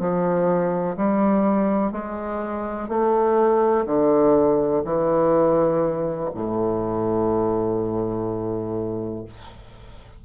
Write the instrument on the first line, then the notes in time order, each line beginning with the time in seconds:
bassoon
0.00 F3
0.97 G3
1.92 G#3
2.89 A3
3.86 D3
4.85 E3
6.35 A2